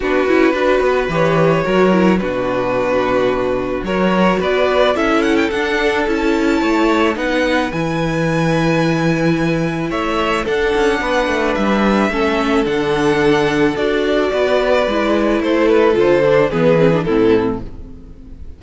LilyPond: <<
  \new Staff \with { instrumentName = "violin" } { \time 4/4 \tempo 4 = 109 b'2 cis''2 | b'2. cis''4 | d''4 e''8 fis''16 g''16 fis''4 a''4~ | a''4 fis''4 gis''2~ |
gis''2 e''4 fis''4~ | fis''4 e''2 fis''4~ | fis''4 d''2. | c''8 b'8 c''4 b'4 a'4 | }
  \new Staff \with { instrumentName = "violin" } { \time 4/4 fis'4 b'2 ais'4 | fis'2. ais'4 | b'4 a'2. | cis''4 b'2.~ |
b'2 cis''4 a'4 | b'2 a'2~ | a'2 b'2 | a'2 gis'4 e'4 | }
  \new Staff \with { instrumentName = "viola" } { \time 4/4 d'8 e'8 fis'4 g'4 fis'8 e'8 | d'2. fis'4~ | fis'4 e'4 d'4 e'4~ | e'4 dis'4 e'2~ |
e'2. d'4~ | d'2 cis'4 d'4~ | d'4 fis'2 e'4~ | e'4 f'8 d'8 b8 c'16 d'16 c'4 | }
  \new Staff \with { instrumentName = "cello" } { \time 4/4 b8 cis'8 d'8 b8 e4 fis4 | b,2. fis4 | b4 cis'4 d'4 cis'4 | a4 b4 e2~ |
e2 a4 d'8 cis'8 | b8 a8 g4 a4 d4~ | d4 d'4 b4 gis4 | a4 d4 e4 a,4 | }
>>